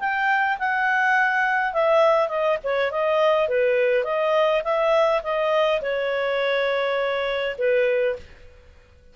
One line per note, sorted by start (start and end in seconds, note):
0.00 0.58 G5
0.59 1.74 F#5
1.74 2.29 E5
2.29 2.58 D#5
2.64 2.92 C#5
2.92 3.49 D#5
3.49 4.04 B4
4.04 4.63 D#5
4.64 5.22 E5
5.23 5.82 D#5
5.82 7.56 C#5
7.58 8.16 B4